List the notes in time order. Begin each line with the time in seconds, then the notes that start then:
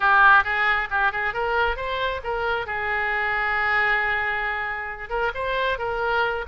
0.00 G4
0.43 G#4
0.90 G4
1.12 G#4
1.33 A#4
1.76 C5
2.23 A#4
2.66 G#4
5.09 A#4
5.34 C5
5.78 A#4